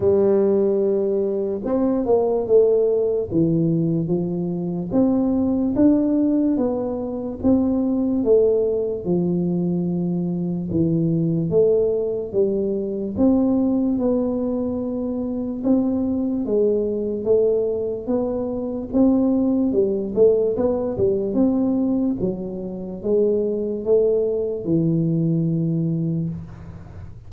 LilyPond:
\new Staff \with { instrumentName = "tuba" } { \time 4/4 \tempo 4 = 73 g2 c'8 ais8 a4 | e4 f4 c'4 d'4 | b4 c'4 a4 f4~ | f4 e4 a4 g4 |
c'4 b2 c'4 | gis4 a4 b4 c'4 | g8 a8 b8 g8 c'4 fis4 | gis4 a4 e2 | }